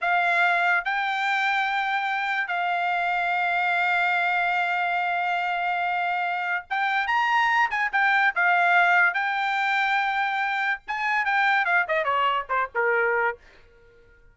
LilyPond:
\new Staff \with { instrumentName = "trumpet" } { \time 4/4 \tempo 4 = 144 f''2 g''2~ | g''2 f''2~ | f''1~ | f''1 |
g''4 ais''4. gis''8 g''4 | f''2 g''2~ | g''2 gis''4 g''4 | f''8 dis''8 cis''4 c''8 ais'4. | }